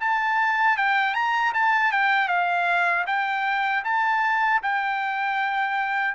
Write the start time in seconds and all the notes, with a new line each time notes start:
0.00 A5
0.77 G5
1.14 A#5
1.53 A5
1.92 G5
2.28 F5
3.06 G5
3.84 A5
4.63 G5